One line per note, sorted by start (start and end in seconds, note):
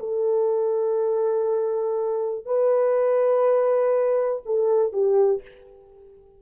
0.00 2.46 A4
2.46 4.43 B4
4.46 4.93 A4
4.93 5.42 G4